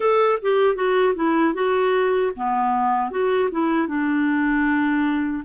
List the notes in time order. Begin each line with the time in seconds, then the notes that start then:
0.00 A4
0.41 G4
0.75 F#4
1.14 E4
1.54 F#4
2.36 B3
3.10 F#4
3.51 E4
3.87 D4